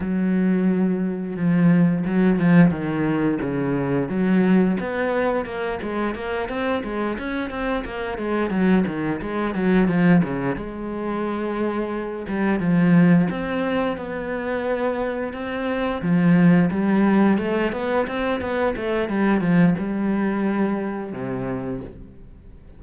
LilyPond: \new Staff \with { instrumentName = "cello" } { \time 4/4 \tempo 4 = 88 fis2 f4 fis8 f8 | dis4 cis4 fis4 b4 | ais8 gis8 ais8 c'8 gis8 cis'8 c'8 ais8 | gis8 fis8 dis8 gis8 fis8 f8 cis8 gis8~ |
gis2 g8 f4 c'8~ | c'8 b2 c'4 f8~ | f8 g4 a8 b8 c'8 b8 a8 | g8 f8 g2 c4 | }